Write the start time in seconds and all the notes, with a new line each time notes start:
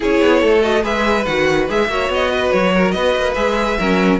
0.00 C#4 E4 G#4 C#5
0.21 B3
0.40 A3 A4
0.61 F#4 D#5
0.82 G#3 G#4 B4 E5
1.25 D#3 F#4 F#5
1.69 G#3 G#4 E5
1.88 A#3 F#4 C#5
2.08 B3 D#5
2.30 B4
2.51 F#3 C#5
2.74 A#4
2.91 B3 B4 D#5
3.16 A#3
3.34 G#3 G#4 E5
3.78 F#3 C#4 A#4